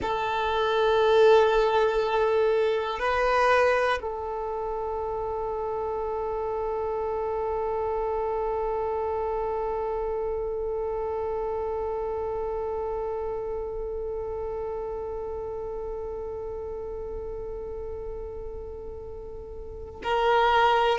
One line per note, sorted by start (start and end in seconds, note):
0.01 2.99 A4
2.99 3.99 B4
4.01 20.01 A4
20.03 20.98 A#4